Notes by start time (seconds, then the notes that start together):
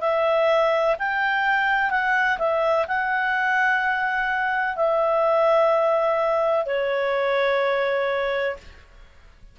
0.00 E5
0.98 G5
1.90 F#5
2.38 E5
2.87 F#5
4.75 E5
6.66 C#5